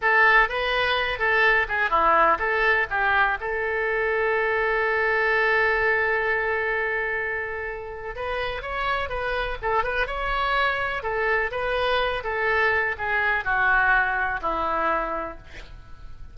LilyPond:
\new Staff \with { instrumentName = "oboe" } { \time 4/4 \tempo 4 = 125 a'4 b'4. a'4 gis'8 | e'4 a'4 g'4 a'4~ | a'1~ | a'1~ |
a'4 b'4 cis''4 b'4 | a'8 b'8 cis''2 a'4 | b'4. a'4. gis'4 | fis'2 e'2 | }